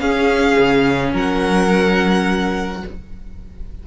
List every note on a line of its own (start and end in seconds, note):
0.00 2.83 C#4
0.00 0.57 C#4
0.00 1.14 G#4
0.00 1.13 F5
0.59 1.14 C#3
1.14 2.83 F#3
1.14 2.83 A#4
1.14 2.87 F#5